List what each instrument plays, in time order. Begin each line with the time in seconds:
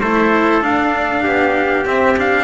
0.00 double bass A3, cello E4, trumpet A4 C5
0.61 cello D4, double bass D4, trumpet F5
1.23 double bass B3, trumpet G4
1.85 cello C4, double bass C4, trumpet E5
2.17 cello D4, trumpet F5